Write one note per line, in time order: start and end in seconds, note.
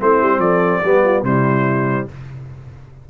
0.00 0.22 A3
0.00 0.84 C4
0.00 0.40 E4
0.00 0.40 C5
0.22 0.38 G3
0.38 0.80 F3
0.38 0.82 A4
0.38 1.23 D5
0.82 1.23 G3
0.82 1.25 B3
0.82 1.03 G4
1.04 1.25 F4
1.23 2.06 C3
1.23 2.09 G3
1.23 2.10 E4
1.23 2.08 C5